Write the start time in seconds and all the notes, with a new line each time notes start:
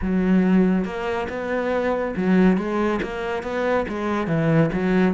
0.01 F#3
0.84 A#3
1.29 B3
2.16 F#3
2.57 G#3
3.02 A#3
3.42 B3
3.88 G#3
4.27 E3
4.73 F#3